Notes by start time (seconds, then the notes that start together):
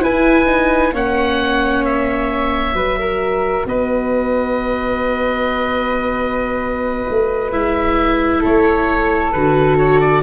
0.00 E4 B4 G#5
0.46 D#4
0.93 A#3 C#4 C#5 F#5
1.85 E5
2.73 F#3 F#4 B4
2.99 A#4
3.66 B3 B4 D#5
7.10 A3
7.52 G#3 E4 E5
8.40 A3 A4 C#5
9.32 D3 F#4 B4
9.78 C#5
10.00 D5